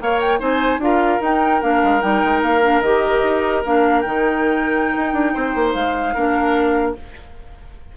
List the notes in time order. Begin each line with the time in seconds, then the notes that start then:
0.00 A#3 A#4 C#5 F5
0.20 G5
0.39 C4 D#4 C5 G#5
0.78 D4 F4 A#4 F5
1.21 D#4 G5
1.61 A#3 D4 F5
1.83 G#3
2.00 G3 D#4 G5
2.24 G#3
2.42 A#3 F5
2.62 D4
2.82 D#3 G4 D#5
3.23 D#4
3.65 A#3 D4 F5
4.01 D#3 D#4 G5
4.96 D#4
5.13 D4
5.34 C4 C5
5.55 A#3
5.73 G#3 F5
6.14 A#3 D4 A#4